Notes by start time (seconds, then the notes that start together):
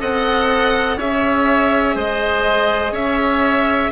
0.00 C4 A4 D#5 F#5
0.97 C#4 G#4 C#5 E5
1.95 G#3 C5 D#5
2.92 C#4 C#5 E5